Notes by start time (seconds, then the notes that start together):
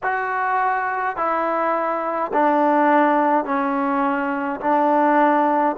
0.03 F#4
1.16 E4
2.33 D4
3.44 C#4
4.60 D4